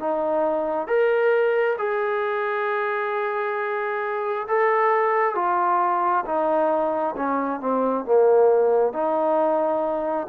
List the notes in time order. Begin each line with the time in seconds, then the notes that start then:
0.00 D#4
0.88 A#4
1.79 G#4
4.48 A4
5.36 F4
6.26 D#4
7.17 C#4
7.61 C4
8.06 A#3
8.93 D#4